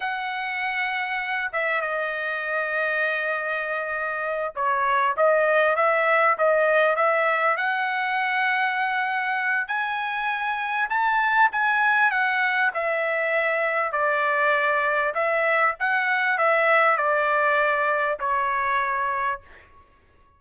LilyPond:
\new Staff \with { instrumentName = "trumpet" } { \time 4/4 \tempo 4 = 99 fis''2~ fis''8 e''8 dis''4~ | dis''2.~ dis''8 cis''8~ | cis''8 dis''4 e''4 dis''4 e''8~ | e''8 fis''2.~ fis''8 |
gis''2 a''4 gis''4 | fis''4 e''2 d''4~ | d''4 e''4 fis''4 e''4 | d''2 cis''2 | }